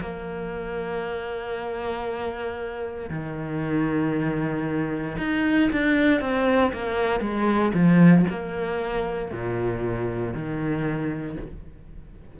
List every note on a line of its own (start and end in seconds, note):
0.00 3.10 A#3
3.10 5.17 D#3
5.18 5.69 D#4
5.72 6.20 D4
6.20 6.72 C4
6.73 7.20 A#3
7.20 7.72 G#3
7.74 8.25 F3
8.29 9.31 A#3
9.31 10.34 A#2
10.34 11.37 D#3